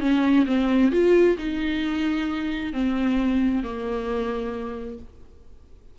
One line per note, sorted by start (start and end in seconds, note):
0.00 0.45 C#4
0.46 0.91 C4
0.91 1.37 F4
1.38 2.73 D#4
2.73 3.63 C4
3.63 4.98 A#3